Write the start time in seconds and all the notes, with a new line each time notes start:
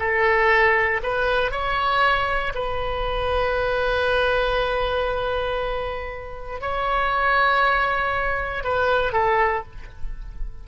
0.00 A4
1.04 B4
1.52 C#5
2.55 B4
6.61 C#5
8.64 B4
9.13 A4